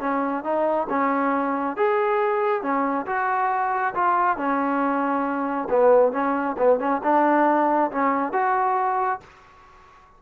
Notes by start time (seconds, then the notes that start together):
0.00 C#4
0.44 D#4
0.89 C#4
1.76 G#4
2.62 C#4
3.06 F#4
3.95 F4
4.37 C#4
5.70 B3
6.12 C#4
6.58 B3
6.79 C#4
7.03 D4
7.91 C#4
8.33 F#4